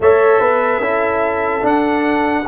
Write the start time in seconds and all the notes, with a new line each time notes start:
0.00 A3 A4 C#5 E5
0.39 B3 B4
0.79 C#4 E4 A4
1.61 D4 F#5